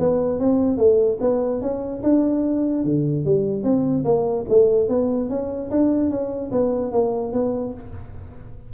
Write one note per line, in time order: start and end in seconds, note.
0.00 0.40 B3
0.40 0.78 C4
0.78 1.19 A3
1.21 1.62 B3
1.62 2.03 C#4
2.04 2.85 D4
2.85 3.26 D3
3.26 3.64 G3
3.64 4.05 C4
4.05 4.46 A#3
4.50 4.89 A3
4.89 5.30 B3
5.30 5.71 C#4
5.71 6.11 D4
6.11 6.52 C#4
6.52 6.92 B3
6.92 7.33 A#3
7.33 7.74 B3